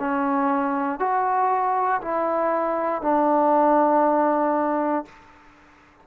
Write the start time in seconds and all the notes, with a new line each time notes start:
0.00 C#4
1.00 F#4
2.02 E4
3.02 D4